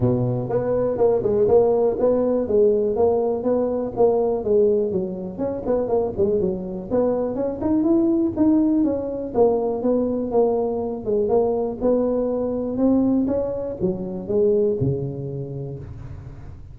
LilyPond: \new Staff \with { instrumentName = "tuba" } { \time 4/4 \tempo 4 = 122 b,4 b4 ais8 gis8 ais4 | b4 gis4 ais4 b4 | ais4 gis4 fis4 cis'8 b8 | ais8 gis8 fis4 b4 cis'8 dis'8 |
e'4 dis'4 cis'4 ais4 | b4 ais4. gis8 ais4 | b2 c'4 cis'4 | fis4 gis4 cis2 | }